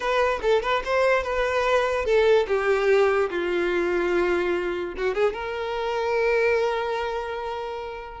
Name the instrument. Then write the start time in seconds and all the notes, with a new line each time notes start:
violin
0.00 B4
0.42 A4
0.62 B4
0.84 C5
1.23 B4
2.05 A4
2.47 G4
3.30 F4
4.97 F#4
5.14 G#4
5.33 A#4